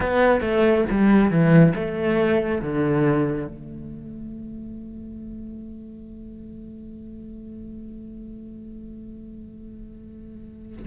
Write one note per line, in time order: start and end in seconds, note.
0.00 0.41 B3
0.41 0.84 A3
0.90 1.30 G3
1.30 1.74 E3
1.75 2.61 A3
2.61 3.47 D3
3.47 10.86 A3